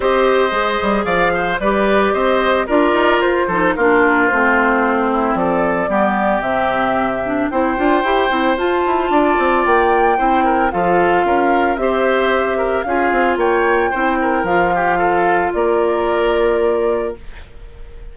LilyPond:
<<
  \new Staff \with { instrumentName = "flute" } { \time 4/4 \tempo 4 = 112 dis''2 f''4 d''4 | dis''4 d''4 c''4 ais'4 | c''2 d''2 | e''2 g''2 |
a''2 g''2 | f''2 e''2 | f''4 g''2 f''4~ | f''4 d''2. | }
  \new Staff \with { instrumentName = "oboe" } { \time 4/4 c''2 d''8 c''8 b'4 | c''4 ais'4. a'8 f'4~ | f'4. e'8 a'4 g'4~ | g'2 c''2~ |
c''4 d''2 c''8 ais'8 | a'4 ais'4 c''4. ais'8 | gis'4 cis''4 c''8 ais'4 g'8 | a'4 ais'2. | }
  \new Staff \with { instrumentName = "clarinet" } { \time 4/4 g'4 gis'2 g'4~ | g'4 f'4. dis'8 d'4 | c'2. b4 | c'4. d'8 e'8 f'8 g'8 e'8 |
f'2. e'4 | f'2 g'2 | f'2 e'4 f'4~ | f'1 | }
  \new Staff \with { instrumentName = "bassoon" } { \time 4/4 c'4 gis8 g8 f4 g4 | c'4 d'8 dis'8 f'8 f8 ais4 | a2 f4 g4 | c2 c'8 d'8 e'8 c'8 |
f'8 e'8 d'8 c'8 ais4 c'4 | f4 cis'4 c'2 | cis'8 c'8 ais4 c'4 f4~ | f4 ais2. | }
>>